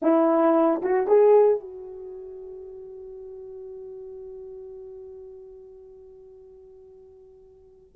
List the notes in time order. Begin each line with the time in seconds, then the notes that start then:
0.01 E4
0.82 F#4
1.07 G#4
1.60 F#4